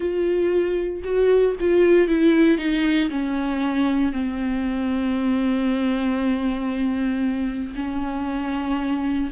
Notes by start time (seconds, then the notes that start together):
0.00 F4
1.03 F#4
1.59 F4
2.08 E4
2.57 D#4
3.10 C#4
4.12 C4
7.75 C#4